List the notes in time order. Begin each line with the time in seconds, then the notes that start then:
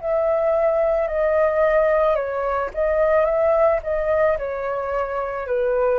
0.00 E5
1.07 D#5
2.15 C#5
2.74 D#5
3.25 E5
3.82 D#5
4.37 C#5
5.46 B4